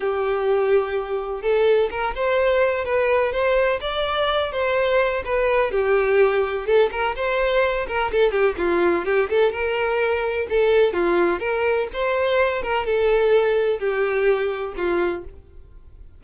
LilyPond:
\new Staff \with { instrumentName = "violin" } { \time 4/4 \tempo 4 = 126 g'2. a'4 | ais'8 c''4. b'4 c''4 | d''4. c''4. b'4 | g'2 a'8 ais'8 c''4~ |
c''8 ais'8 a'8 g'8 f'4 g'8 a'8 | ais'2 a'4 f'4 | ais'4 c''4. ais'8 a'4~ | a'4 g'2 f'4 | }